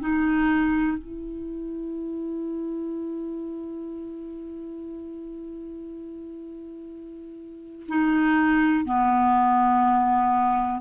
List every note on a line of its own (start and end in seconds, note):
0.00 0.98 D#4
0.98 7.87 E4
7.89 8.85 D#4
8.85 10.82 B3